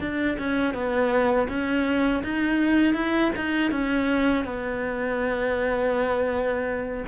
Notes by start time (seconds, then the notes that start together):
0.00 D4
0.38 C#4
0.74 B3
1.48 C#4
2.23 D#4
2.94 E4
3.36 D#4
3.71 C#4
4.44 B3